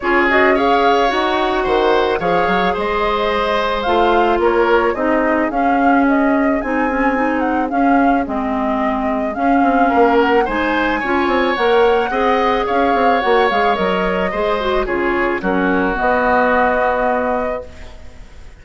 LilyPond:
<<
  \new Staff \with { instrumentName = "flute" } { \time 4/4 \tempo 4 = 109 cis''8 dis''8 f''4 fis''2 | f''4 dis''2 f''4 | cis''4 dis''4 f''4 dis''4 | gis''4. fis''8 f''4 dis''4~ |
dis''4 f''4. fis''8 gis''4~ | gis''4 fis''2 f''4 | fis''8 f''8 dis''2 cis''4 | ais'4 dis''2. | }
  \new Staff \with { instrumentName = "oboe" } { \time 4/4 gis'4 cis''2 c''4 | cis''4 c''2. | ais'4 gis'2.~ | gis'1~ |
gis'2 ais'4 c''4 | cis''2 dis''4 cis''4~ | cis''2 c''4 gis'4 | fis'1 | }
  \new Staff \with { instrumentName = "clarinet" } { \time 4/4 f'8 fis'8 gis'4 fis'2 | gis'2. f'4~ | f'4 dis'4 cis'2 | dis'8 cis'8 dis'4 cis'4 c'4~ |
c'4 cis'2 dis'4 | f'4 ais'4 gis'2 | fis'8 gis'8 ais'4 gis'8 fis'8 f'4 | cis'4 b2. | }
  \new Staff \with { instrumentName = "bassoon" } { \time 4/4 cis'2 dis'4 dis4 | f8 fis8 gis2 a4 | ais4 c'4 cis'2 | c'2 cis'4 gis4~ |
gis4 cis'8 c'8 ais4 gis4 | cis'8 c'8 ais4 c'4 cis'8 c'8 | ais8 gis8 fis4 gis4 cis4 | fis4 b2. | }
>>